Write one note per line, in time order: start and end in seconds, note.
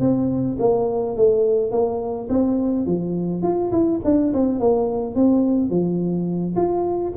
0.00 0.57 C4
0.59 1.17 A#3
1.17 1.71 A3
1.71 2.28 A#3
2.29 2.86 C4
2.86 3.43 F3
3.43 3.71 F4
3.71 4.00 E4
4.04 4.33 D4
4.34 4.59 C4
4.59 5.15 A#3
5.15 5.70 C4
5.70 6.56 F3
6.56 7.13 F4